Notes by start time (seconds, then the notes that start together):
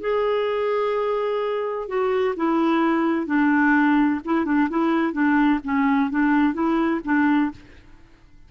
0.00 G#4
1.87 F#4
2.36 E4
3.26 D4
4.24 E4
4.45 D4
4.69 E4
5.12 D4
5.64 C#4
6.10 D4
6.53 E4
7.04 D4